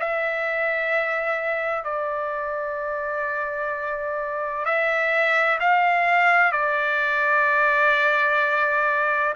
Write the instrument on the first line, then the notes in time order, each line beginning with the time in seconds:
trumpet
0.00 E5
1.85 D5
4.66 E5
5.61 F5
6.53 D5